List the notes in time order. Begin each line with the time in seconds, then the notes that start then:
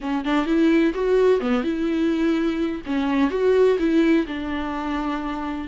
0.01 C#4
0.24 D4
0.45 E4
0.94 F#4
1.40 B3
1.63 E4
2.86 C#4
3.30 F#4
3.79 E4
4.26 D4